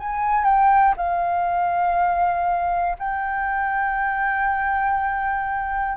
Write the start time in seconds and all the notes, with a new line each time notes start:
0.00 G#5
0.45 G5
0.97 F5
2.99 G5